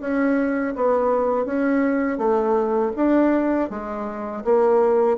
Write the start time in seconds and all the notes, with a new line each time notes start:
0.00 C#4
0.75 B3
1.45 C#4
2.18 A3
2.96 D4
3.70 G#3
4.44 A#3